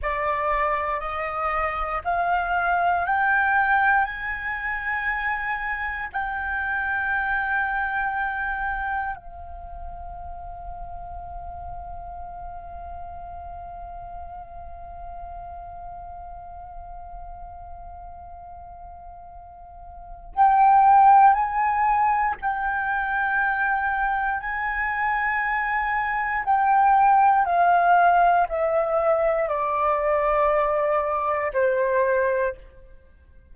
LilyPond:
\new Staff \with { instrumentName = "flute" } { \time 4/4 \tempo 4 = 59 d''4 dis''4 f''4 g''4 | gis''2 g''2~ | g''4 f''2.~ | f''1~ |
f''1 | g''4 gis''4 g''2 | gis''2 g''4 f''4 | e''4 d''2 c''4 | }